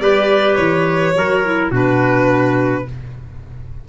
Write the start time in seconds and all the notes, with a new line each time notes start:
0.00 G3 G4 B4 D5
0.56 E3 C#5
1.15 F#3 F#4 A#4
1.44 E4
1.71 B2 D4 F#4 B4